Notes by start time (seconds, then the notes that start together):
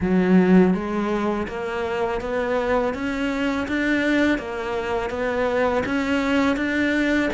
0.00 F#3
0.74 G#3
1.47 A#3
2.21 B3
2.94 C#4
3.68 D4
4.38 A#3
5.10 B3
5.85 C#4
6.56 D4